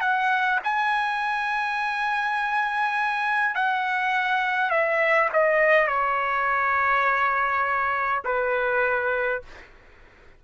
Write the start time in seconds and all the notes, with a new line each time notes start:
0.00 F#5
0.63 G#5
3.55 F#5
4.70 E5
5.33 D#5
5.87 C#5
8.24 B4